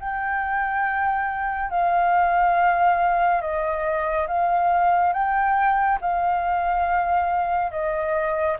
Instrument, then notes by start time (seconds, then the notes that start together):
flute
0.00 G5
1.71 F5
3.42 D#5
4.28 F5
5.14 G5
6.01 F5
7.71 D#5